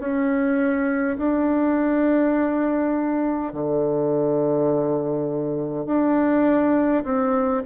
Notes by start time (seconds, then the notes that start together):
0.00 C#4
1.18 D4
3.53 D3
5.86 D4
7.04 C4